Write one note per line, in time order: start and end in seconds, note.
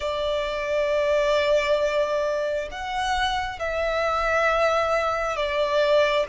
0.00 2.69 D5
2.71 3.59 F#5
3.59 5.36 E5
5.36 6.26 D5